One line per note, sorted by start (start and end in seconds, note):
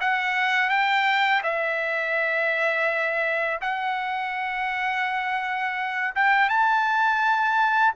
0.00 0.69 F#5
0.69 1.41 G5
1.43 3.60 E5
3.61 6.14 F#5
6.15 6.49 G5
6.49 7.94 A5